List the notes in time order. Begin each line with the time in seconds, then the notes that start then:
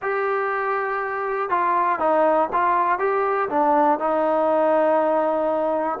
0.02 G4
1.50 F4
1.99 D#4
2.53 F4
2.98 G4
3.49 D4
3.99 D#4